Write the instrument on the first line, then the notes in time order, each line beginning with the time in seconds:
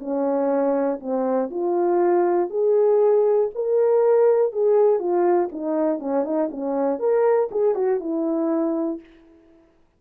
horn
0.00 C#4
1.00 C4
1.51 F4
2.50 G#4
3.55 A#4
4.53 G#4
4.99 F4
5.52 D#4
6.00 C#4
6.25 D#4
6.51 C#4
7.00 A#4
7.51 G#4
7.75 F#4
8.00 E4